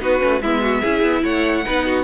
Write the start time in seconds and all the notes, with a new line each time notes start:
0.00 B3 D#4 F#4 B4
0.21 A3 C#4
0.41 G#3 B3 E4 E5
0.62 F#4
0.81 C#4 E4 G#4
1.02 B3
1.23 A3 C#5 F#5
1.66 B3 D#4 B4
1.86 F#4